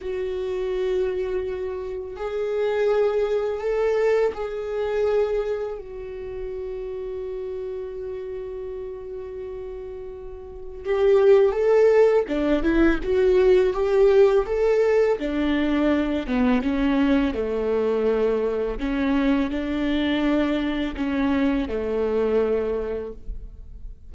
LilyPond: \new Staff \with { instrumentName = "viola" } { \time 4/4 \tempo 4 = 83 fis'2. gis'4~ | gis'4 a'4 gis'2 | fis'1~ | fis'2. g'4 |
a'4 d'8 e'8 fis'4 g'4 | a'4 d'4. b8 cis'4 | a2 cis'4 d'4~ | d'4 cis'4 a2 | }